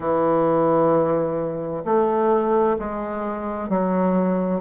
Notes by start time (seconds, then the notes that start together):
0.00 E3
1.85 A3
2.79 G#3
3.69 F#3